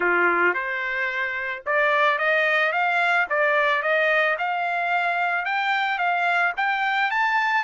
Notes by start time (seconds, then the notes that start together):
0.00 F4
0.54 C5
1.65 D5
2.18 D#5
2.72 F5
3.29 D5
3.82 D#5
4.38 F5
5.45 G5
5.98 F5
6.56 G5
7.10 A5